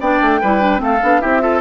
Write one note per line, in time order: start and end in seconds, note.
0.00 0.20 B3
0.00 0.41 D4
0.00 0.41 D5
0.00 0.82 G5
0.21 0.41 A3
0.41 0.81 G3
0.41 0.61 E4
0.41 0.82 B4
0.61 0.78 D4
0.78 1.01 A3
0.78 0.98 C4
0.78 1.21 A4
0.78 1.21 F5
1.02 1.22 B3
1.02 1.21 D4
1.21 1.60 C4
1.21 1.41 E4
1.21 1.42 G4
1.21 1.60 E5
1.41 1.60 F4
1.41 1.60 A4